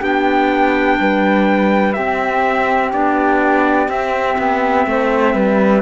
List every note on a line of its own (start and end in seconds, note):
0.00 0.99 B3
0.00 1.94 D4
0.00 0.97 G4
0.00 1.93 G5
1.00 1.96 G3
1.00 1.96 B4
1.93 2.93 C4
1.93 4.86 G4
1.93 2.90 E5
2.93 3.89 B3
2.93 3.90 D4
2.93 3.90 D5
3.89 4.37 C4
3.89 5.82 C4
3.89 5.82 E5
4.39 4.87 B3
4.87 5.35 A3
4.87 5.35 C5
5.35 5.82 G3
5.35 5.82 B4